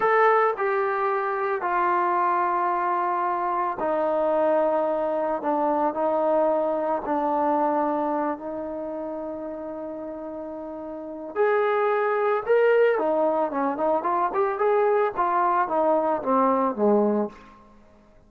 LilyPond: \new Staff \with { instrumentName = "trombone" } { \time 4/4 \tempo 4 = 111 a'4 g'2 f'4~ | f'2. dis'4~ | dis'2 d'4 dis'4~ | dis'4 d'2~ d'8 dis'8~ |
dis'1~ | dis'4 gis'2 ais'4 | dis'4 cis'8 dis'8 f'8 g'8 gis'4 | f'4 dis'4 c'4 gis4 | }